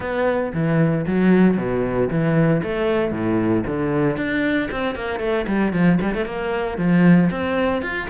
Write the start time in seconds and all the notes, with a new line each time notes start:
0.00 B3
0.53 E3
1.06 F#3
1.57 B2
2.10 E3
2.62 A3
3.11 A2
3.66 D3
4.16 D4
4.71 C4
4.95 A#3
5.19 A3
5.47 G3
5.72 F3
6.01 G3
6.14 A3
6.25 A#3
6.77 F3
7.30 C4
7.82 F4